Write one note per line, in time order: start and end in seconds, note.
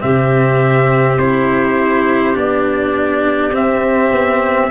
0.00 1.17 C3
0.00 1.18 C4
0.00 4.71 G4
0.00 1.18 E5
1.17 2.35 C4
1.17 2.33 E4
1.17 2.36 C5
2.33 3.51 B3
2.33 3.51 D4
2.33 3.54 D5
3.51 4.10 C4
3.51 4.70 C4
3.51 4.71 E5
4.12 4.70 B3